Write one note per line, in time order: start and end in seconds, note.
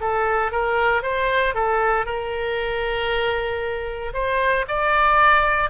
0.00 0.52 A4
0.52 1.03 A#4
1.03 1.54 C5
1.54 2.05 A4
2.05 4.12 A#4
4.14 4.66 C5
4.68 5.70 D5